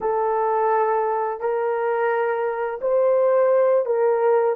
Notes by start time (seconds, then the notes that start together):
0.00 A4
1.40 A#4
2.81 C5
3.85 A#4